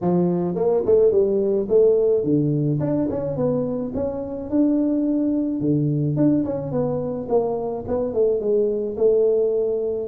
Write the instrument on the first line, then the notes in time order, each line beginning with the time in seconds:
tuba
0.01 F3
0.55 A#3
0.85 A3
1.11 G3
1.68 A3
2.23 D3
2.80 D4
3.09 C#4
3.36 B3
3.94 C#4
4.50 D4
5.60 D3
6.16 D4
6.45 C#4
6.71 B3
7.28 A#3
7.87 B3
8.13 A3
8.40 G#3
8.96 A3